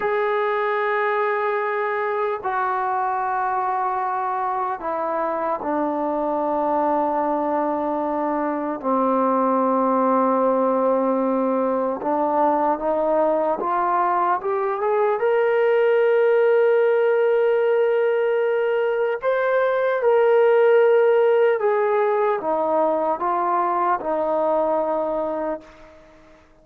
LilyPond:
\new Staff \with { instrumentName = "trombone" } { \time 4/4 \tempo 4 = 75 gis'2. fis'4~ | fis'2 e'4 d'4~ | d'2. c'4~ | c'2. d'4 |
dis'4 f'4 g'8 gis'8 ais'4~ | ais'1 | c''4 ais'2 gis'4 | dis'4 f'4 dis'2 | }